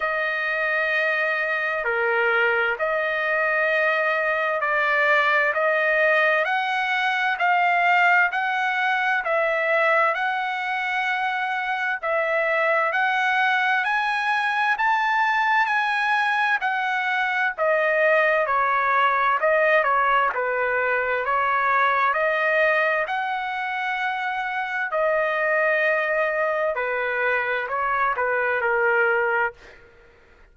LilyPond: \new Staff \with { instrumentName = "trumpet" } { \time 4/4 \tempo 4 = 65 dis''2 ais'4 dis''4~ | dis''4 d''4 dis''4 fis''4 | f''4 fis''4 e''4 fis''4~ | fis''4 e''4 fis''4 gis''4 |
a''4 gis''4 fis''4 dis''4 | cis''4 dis''8 cis''8 b'4 cis''4 | dis''4 fis''2 dis''4~ | dis''4 b'4 cis''8 b'8 ais'4 | }